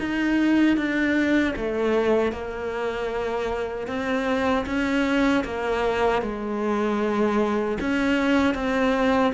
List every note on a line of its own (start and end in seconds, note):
0.00 0.77 D#4
0.77 1.55 D4
1.56 2.32 A3
2.32 3.87 A#3
3.87 4.65 C4
4.66 5.44 C#4
5.44 6.22 A#3
6.22 7.78 G#3
7.80 8.55 C#4
8.55 9.33 C4